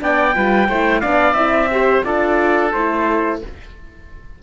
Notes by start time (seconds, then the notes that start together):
0.00 B3 D4 D5 G5
0.35 G3 F4 B4
0.69 A3 E4 C5
1.01 B3 D4 D5 F5
1.34 C4 E4 E5
1.72 G4 C5
2.04 D4 F4 A4 D5
2.73 A3 E4 C5